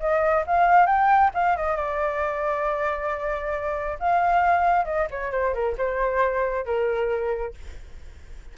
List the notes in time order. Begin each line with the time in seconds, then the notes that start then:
0.00 D#5
0.47 F5
0.86 G5
1.34 F5
1.57 D#5
1.76 D5
4.00 F5
4.85 D#5
5.11 C#5
5.32 C5
5.54 A#4
5.78 C5
6.65 A#4